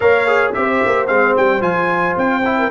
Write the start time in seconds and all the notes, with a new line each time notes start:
0.00 A#3 A#4 C#5 F5
0.27 G#4
0.53 C4 G4 C5 E5
0.85 A#3
1.07 G#3 C4 F5
1.36 G3 G5
1.60 F3 F4 G#5
2.17 C4 G5
2.44 E4
2.58 A#4